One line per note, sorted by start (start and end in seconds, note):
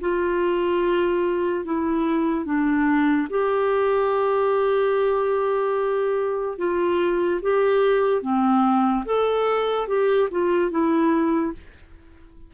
0.00 1.64 F4
1.64 2.45 E4
2.45 3.27 D4
3.29 6.58 G4
6.58 7.40 F4
7.42 8.22 G4
8.22 9.04 C4
9.05 9.87 A4
9.87 10.29 G4
10.30 10.70 F4
10.70 11.53 E4